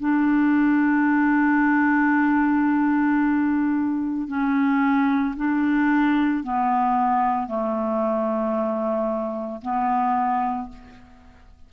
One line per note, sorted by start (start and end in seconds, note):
0.00 4.28 D4
4.28 5.35 C#4
5.37 6.43 D4
6.43 7.47 B3
7.47 9.61 A3
9.61 10.69 B3